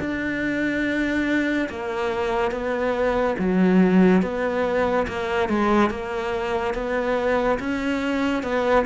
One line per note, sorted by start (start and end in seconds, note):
0.00 1.69 D4
1.69 2.52 A#3
2.52 3.36 B3
3.39 4.22 F#3
4.22 5.07 B3
5.08 5.49 A#3
5.49 5.90 G#3
5.90 6.75 A#3
6.75 7.59 B3
7.60 8.43 C#4
8.43 8.85 B3